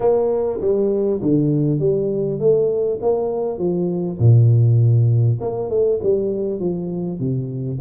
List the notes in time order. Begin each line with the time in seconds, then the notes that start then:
0.00 A#3
0.60 G3
1.22 D3
1.79 G3
2.39 A3
3.01 A#3
3.58 F3
4.18 A#2
5.41 A#3
5.69 A3
6.02 G3
6.59 F3
7.19 C3